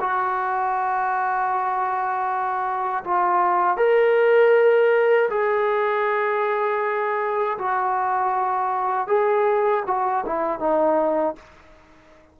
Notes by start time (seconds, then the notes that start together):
0.00 F#4
3.04 F4
3.77 A#4
5.30 G#4
7.58 F#4
9.07 G#4
9.86 F#4
10.26 E4
10.59 D#4